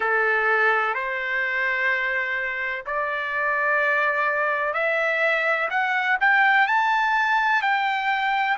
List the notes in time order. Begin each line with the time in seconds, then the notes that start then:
0.00 A4
0.94 C5
2.86 D5
4.73 E5
5.69 F#5
6.20 G5
6.67 A5
7.61 G5